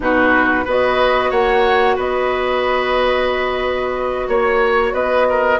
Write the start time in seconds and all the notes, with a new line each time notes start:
0.00 B2 D#4 F#4 B4
0.64 B3 F#4 B4 D#5
1.30 A#3 C#5 F#5
1.95 B3 B4 D#5
4.28 A#3 C#5
4.93 B3 B4 D#5
5.29 A#4